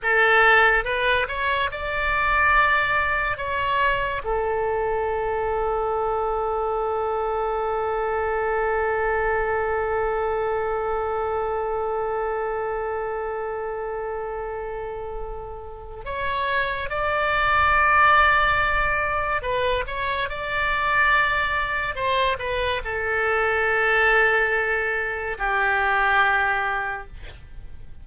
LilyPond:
\new Staff \with { instrumentName = "oboe" } { \time 4/4 \tempo 4 = 71 a'4 b'8 cis''8 d''2 | cis''4 a'2.~ | a'1~ | a'1~ |
a'2. cis''4 | d''2. b'8 cis''8 | d''2 c''8 b'8 a'4~ | a'2 g'2 | }